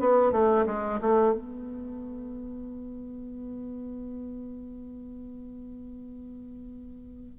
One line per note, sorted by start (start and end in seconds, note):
0.00 0.32 B3
0.32 0.66 A3
0.66 1.00 G#3
1.01 1.34 A3
1.34 7.39 B3